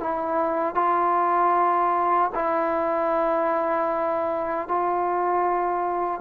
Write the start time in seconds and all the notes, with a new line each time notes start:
0.00 E4
0.75 F4
2.35 E4
4.68 F4